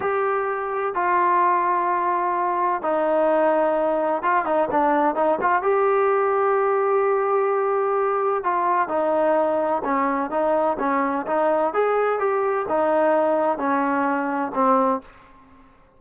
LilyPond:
\new Staff \with { instrumentName = "trombone" } { \time 4/4 \tempo 4 = 128 g'2 f'2~ | f'2 dis'2~ | dis'4 f'8 dis'8 d'4 dis'8 f'8 | g'1~ |
g'2 f'4 dis'4~ | dis'4 cis'4 dis'4 cis'4 | dis'4 gis'4 g'4 dis'4~ | dis'4 cis'2 c'4 | }